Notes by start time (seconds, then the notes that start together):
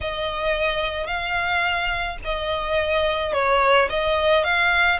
0.00 D#5
1.06 F5
2.24 D#5
3.33 C#5
3.89 D#5
4.44 F5